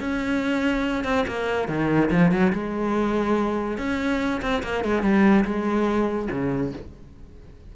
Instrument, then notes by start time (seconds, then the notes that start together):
cello
0.00 C#4
1.04 C4
1.27 A#3
1.68 D#3
2.10 F3
2.31 F#3
2.52 G#3
3.78 C#4
4.41 C4
4.63 A#3
4.84 G#3
5.02 G3
5.44 G#3
6.31 C#3